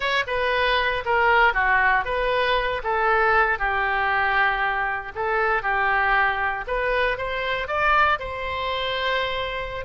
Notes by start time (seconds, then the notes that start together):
0.00 C#5
0.27 B4
1.05 A#4
1.53 F#4
2.05 B4
2.83 A4
3.58 G4
5.15 A4
5.62 G4
6.67 B4
7.17 C5
7.67 D5
8.19 C5